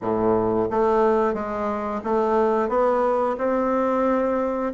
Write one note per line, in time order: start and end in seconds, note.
0.01 0.69 A2
0.70 1.34 A3
1.34 2.01 G#3
2.04 2.68 A3
2.68 3.36 B3
3.37 4.72 C4